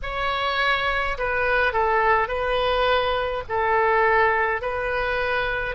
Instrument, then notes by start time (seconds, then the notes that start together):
oboe
0.02 C#5
1.18 B4
1.73 A4
2.28 B4
3.49 A4
4.62 B4